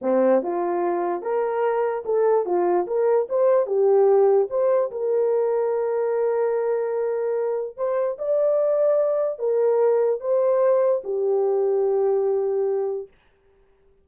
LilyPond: \new Staff \with { instrumentName = "horn" } { \time 4/4 \tempo 4 = 147 c'4 f'2 ais'4~ | ais'4 a'4 f'4 ais'4 | c''4 g'2 c''4 | ais'1~ |
ais'2. c''4 | d''2. ais'4~ | ais'4 c''2 g'4~ | g'1 | }